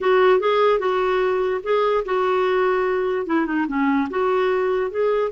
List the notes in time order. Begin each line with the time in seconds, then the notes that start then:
0.01 F#4
0.40 G#4
0.79 F#4
1.63 G#4
2.05 F#4
3.26 E4
3.46 D#4
3.67 C#4
4.10 F#4
4.90 G#4